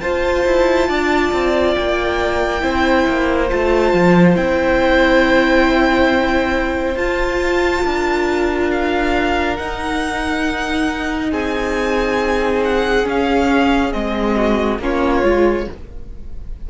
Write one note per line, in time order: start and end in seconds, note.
0.00 0.44 F4
0.00 2.60 F4
0.00 0.88 C5
0.00 1.74 A5
0.45 0.88 E4
0.88 1.32 D4
0.88 2.62 D5
1.32 1.76 C4
1.74 2.62 A#3
1.74 3.48 G5
2.60 3.06 C4
2.60 3.47 E4
2.60 7.84 C5
3.07 3.51 A#3
3.49 3.93 A3
3.49 4.35 F4
3.49 4.36 A5
3.93 4.36 F3
4.35 6.94 C4
4.35 6.96 E4
4.35 6.96 G5
6.94 7.81 F4
6.94 9.58 F4
6.94 8.70 A5
7.84 9.59 D4
7.84 11.30 A#4
8.71 9.56 F5
9.56 13.03 D#4
9.56 11.32 D#4
9.56 11.30 F#5
11.30 13.06 C4
11.30 14.34 G#4
11.30 12.63 G#5
12.64 13.07 F#5
13.03 13.89 C#4
13.03 13.93 C#4
13.03 13.92 F5
13.91 14.78 G#3
13.91 14.78 C4
13.91 14.79 D#5
14.36 14.79 F#4
14.78 15.22 A#3
14.78 15.24 C#4
14.78 15.69 F4
14.78 15.70 C#5
15.23 15.67 G#3
15.23 15.67 F4